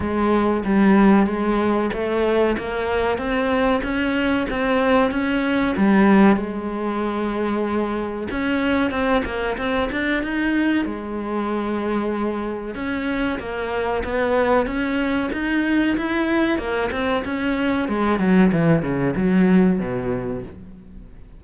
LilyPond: \new Staff \with { instrumentName = "cello" } { \time 4/4 \tempo 4 = 94 gis4 g4 gis4 a4 | ais4 c'4 cis'4 c'4 | cis'4 g4 gis2~ | gis4 cis'4 c'8 ais8 c'8 d'8 |
dis'4 gis2. | cis'4 ais4 b4 cis'4 | dis'4 e'4 ais8 c'8 cis'4 | gis8 fis8 e8 cis8 fis4 b,4 | }